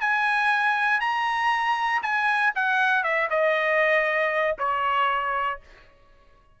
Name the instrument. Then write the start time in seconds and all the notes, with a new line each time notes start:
trumpet
0.00 G#5
1.00 A#5
2.02 G#5
2.55 F#5
3.03 E5
3.30 D#5
4.58 C#5